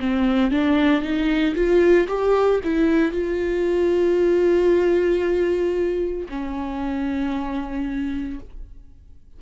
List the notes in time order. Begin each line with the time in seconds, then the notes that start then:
0.00 C4
0.51 D4
1.02 D#4
1.55 F4
2.08 G4
2.64 E4
3.12 F4
6.29 C#4